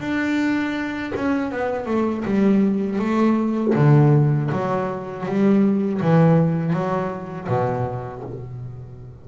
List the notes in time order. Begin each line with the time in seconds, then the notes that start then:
0.00 D4
1.15 C#4
1.51 B3
1.86 A3
2.25 G3
2.98 A3
3.75 D3
4.51 F#3
5.26 G3
6.01 E3
6.73 F#3
7.48 B2